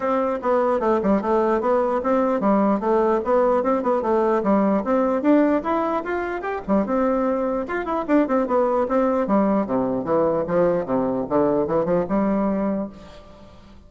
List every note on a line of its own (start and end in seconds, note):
0.00 0.39 C4
0.42 0.80 B3
0.80 1.00 A3
1.03 1.21 G3
1.21 1.60 A3
1.60 2.01 B3
2.03 2.40 C4
2.40 2.80 G3
2.80 3.20 A3
3.24 3.63 B3
3.63 3.82 C4
3.82 4.02 B3
4.02 4.42 A3
4.43 4.83 G3
4.84 5.21 C4
5.21 5.62 D4
5.63 6.03 E4
6.03 6.41 F4
6.41 6.61 G4
6.67 6.85 G3
6.85 7.66 C4
7.67 7.85 F4
7.85 8.05 E4
8.07 8.27 D4
8.27 8.47 C4
8.47 8.87 B3
8.88 9.27 C4
9.27 9.66 G3
9.66 10.04 C3
10.04 10.44 E3
10.47 10.85 F3
10.85 11.25 C3
11.29 11.67 D3
11.67 11.85 E3
11.85 12.05 F3
12.08 12.89 G3